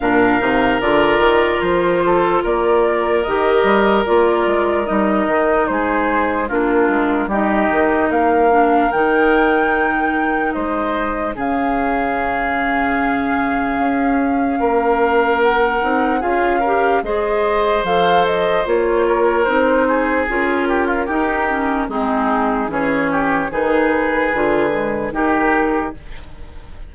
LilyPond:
<<
  \new Staff \with { instrumentName = "flute" } { \time 4/4 \tempo 4 = 74 f''4 d''4 c''4 d''4 | dis''4 d''4 dis''4 c''4 | ais'4 dis''4 f''4 g''4~ | g''4 dis''4 f''2~ |
f''2. fis''4 | f''4 dis''4 f''8 dis''8 cis''4 | c''4 ais'2 gis'4 | cis''4 b'2 ais'4 | }
  \new Staff \with { instrumentName = "oboe" } { \time 4/4 ais'2~ ais'8 a'8 ais'4~ | ais'2. gis'4 | f'4 g'4 ais'2~ | ais'4 c''4 gis'2~ |
gis'2 ais'2 | gis'8 ais'8 c''2~ c''8 ais'8~ | ais'8 gis'4 g'16 f'16 g'4 dis'4 | gis'8 g'8 gis'2 g'4 | }
  \new Staff \with { instrumentName = "clarinet" } { \time 4/4 d'8 dis'8 f'2. | g'4 f'4 dis'2 | d'4 dis'4. d'8 dis'4~ | dis'2 cis'2~ |
cis'2.~ cis'8 dis'8 | f'8 g'8 gis'4 a'4 f'4 | dis'4 f'4 dis'8 cis'8 c'4 | cis'4 dis'4 f'8 gis8 dis'4 | }
  \new Staff \with { instrumentName = "bassoon" } { \time 4/4 ais,8 c8 d8 dis8 f4 ais4 | dis8 g8 ais8 gis8 g8 dis8 gis4 | ais8 gis8 g8 dis8 ais4 dis4~ | dis4 gis4 cis2~ |
cis4 cis'4 ais4. c'8 | cis'4 gis4 f4 ais4 | c'4 cis'4 dis'4 gis4 | e4 dis4 d4 dis4 | }
>>